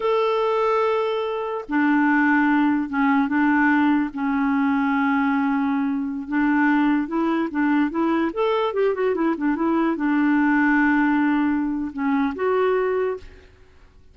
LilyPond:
\new Staff \with { instrumentName = "clarinet" } { \time 4/4 \tempo 4 = 146 a'1 | d'2. cis'4 | d'2 cis'2~ | cis'2.~ cis'16 d'8.~ |
d'4~ d'16 e'4 d'4 e'8.~ | e'16 a'4 g'8 fis'8 e'8 d'8 e'8.~ | e'16 d'2.~ d'8.~ | d'4 cis'4 fis'2 | }